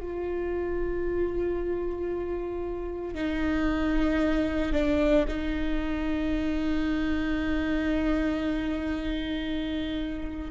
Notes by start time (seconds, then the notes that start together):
0.00 F4
3.14 D#4
4.72 D4
5.28 D#4